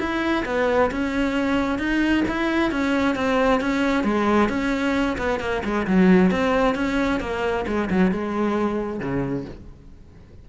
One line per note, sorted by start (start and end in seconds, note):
0.00 0.45 E4
0.46 0.91 B3
0.91 1.79 C#4
1.79 2.24 D#4
2.28 2.72 E4
2.72 3.16 C#4
3.16 3.61 C4
3.61 4.04 C#4
4.04 4.49 G#3
4.49 5.17 C#4
5.18 5.40 B3
5.40 5.63 A#3
5.64 5.87 G#3
5.87 6.32 F#3
6.32 6.75 C4
6.75 7.21 C#4
7.21 7.66 A#3
7.67 7.90 G#3
7.90 8.12 F#3
8.12 9.00 G#3
9.00 9.45 C#3